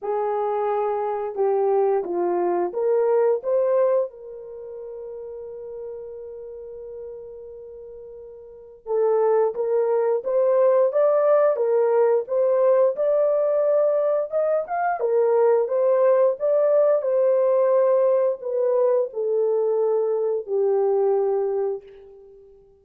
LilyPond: \new Staff \with { instrumentName = "horn" } { \time 4/4 \tempo 4 = 88 gis'2 g'4 f'4 | ais'4 c''4 ais'2~ | ais'1~ | ais'4 a'4 ais'4 c''4 |
d''4 ais'4 c''4 d''4~ | d''4 dis''8 f''8 ais'4 c''4 | d''4 c''2 b'4 | a'2 g'2 | }